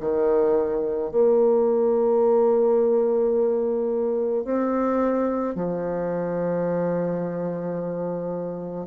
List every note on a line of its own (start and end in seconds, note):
0.00 1.11 D#3
1.11 4.44 A#3
4.45 5.55 C4
5.55 8.87 F3